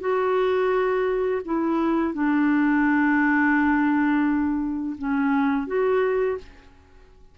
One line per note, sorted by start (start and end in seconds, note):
0.00 1.41 F#4
1.45 2.13 E4
2.13 4.96 D4
4.98 5.67 C#4
5.67 6.37 F#4